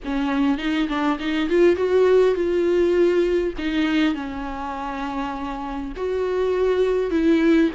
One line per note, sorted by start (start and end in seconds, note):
0.04 0.58 C#4
0.58 0.87 D#4
0.88 1.18 D4
1.19 1.49 D#4
1.49 1.76 F4
1.76 2.34 F#4
2.34 3.53 F4
3.58 4.14 D#4
4.14 5.92 C#4
5.96 7.10 F#4
7.10 7.70 E4